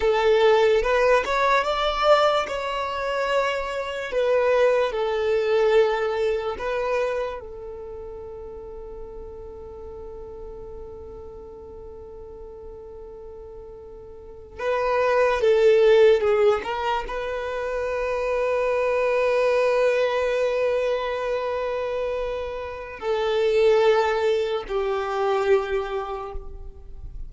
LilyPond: \new Staff \with { instrumentName = "violin" } { \time 4/4 \tempo 4 = 73 a'4 b'8 cis''8 d''4 cis''4~ | cis''4 b'4 a'2 | b'4 a'2.~ | a'1~ |
a'4.~ a'16 b'4 a'4 gis'16~ | gis'16 ais'8 b'2.~ b'16~ | b'1 | a'2 g'2 | }